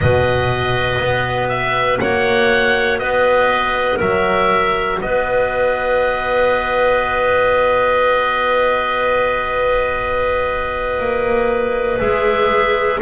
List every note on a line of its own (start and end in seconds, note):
0.00 0.98 B2
0.00 12.00 F#4
0.00 2.01 B4
0.00 1.48 D#5
0.98 1.98 B3
1.48 1.98 E5
2.00 3.00 A#3
2.00 3.00 C#5
2.00 2.98 F#5
2.98 4.00 B3
2.98 3.97 B4
2.98 3.98 D#5
3.97 5.00 F#3
3.97 4.97 A#4
3.97 5.00 E5
5.01 10.99 B3
5.01 13.01 B4
5.01 12.00 D#5
10.99 11.99 A#3
12.00 13.00 G#3
12.00 13.01 G#4
12.00 13.00 E5